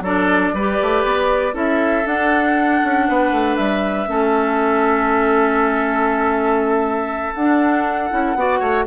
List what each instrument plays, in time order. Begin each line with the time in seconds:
0.00 bassoon F#3, clarinet D4, oboe A4, flute D5
0.53 bassoon G3, clarinet G4, oboe B4
0.81 bassoon A3
1.04 bassoon B3
1.52 bassoon C#4, clarinet E4, oboe A4, flute E5
2.06 bassoon D4, clarinet D4, flute F#5
2.84 bassoon C#4
3.08 bassoon B3, oboe B4
3.31 bassoon A3
3.56 bassoon G3, flute E5
4.05 bassoon A3, clarinet C#4, oboe A4
7.34 bassoon D4, clarinet D4, flute F#5
8.10 bassoon C#4, clarinet E4
8.35 bassoon B3, clarinet F#4, oboe D5
8.59 bassoon A3, oboe C#5